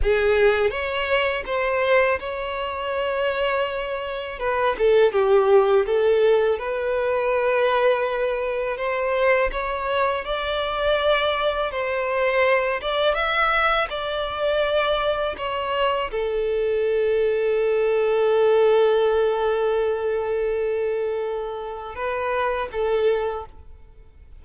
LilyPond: \new Staff \with { instrumentName = "violin" } { \time 4/4 \tempo 4 = 82 gis'4 cis''4 c''4 cis''4~ | cis''2 b'8 a'8 g'4 | a'4 b'2. | c''4 cis''4 d''2 |
c''4. d''8 e''4 d''4~ | d''4 cis''4 a'2~ | a'1~ | a'2 b'4 a'4 | }